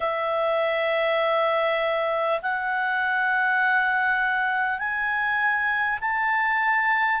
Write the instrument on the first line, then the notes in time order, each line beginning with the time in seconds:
clarinet
0.00 E5
2.42 F#5
4.78 G#5
6.01 A5